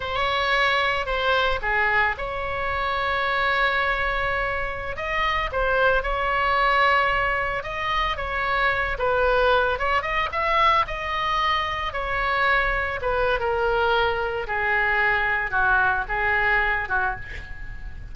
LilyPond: \new Staff \with { instrumentName = "oboe" } { \time 4/4 \tempo 4 = 112 cis''2 c''4 gis'4 | cis''1~ | cis''4~ cis''16 dis''4 c''4 cis''8.~ | cis''2~ cis''16 dis''4 cis''8.~ |
cis''8. b'4. cis''8 dis''8 e''8.~ | e''16 dis''2 cis''4.~ cis''16~ | cis''16 b'8. ais'2 gis'4~ | gis'4 fis'4 gis'4. fis'8 | }